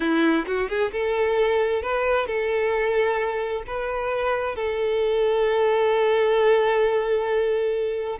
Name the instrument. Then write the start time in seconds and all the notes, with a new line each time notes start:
violin
0.00 E4
0.46 F#4
0.69 G#4
0.92 A4
1.82 B4
2.26 A4
3.67 B4
4.55 A4